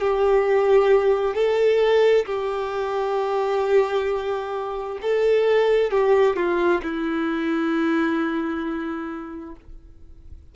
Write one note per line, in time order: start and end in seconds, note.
0.00 1.34 G4
1.34 2.25 A4
2.25 4.98 G4
5.01 5.90 A4
5.90 6.36 G4
6.36 6.81 F4
6.82 9.55 E4